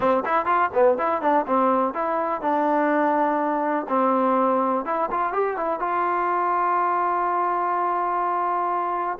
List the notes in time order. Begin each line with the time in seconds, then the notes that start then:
0.00 C4
0.25 E4
0.45 F4
0.73 B3
0.98 E4
1.21 D4
1.46 C4
1.94 E4
2.41 D4
3.88 C4
4.85 E4
5.10 F4
5.32 G4
5.56 E4
5.79 F4